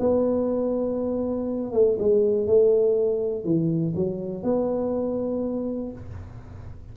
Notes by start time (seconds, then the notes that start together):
0.00 B3
1.74 A3
1.99 G#3
2.47 A3
3.45 E3
3.96 F#3
4.44 B3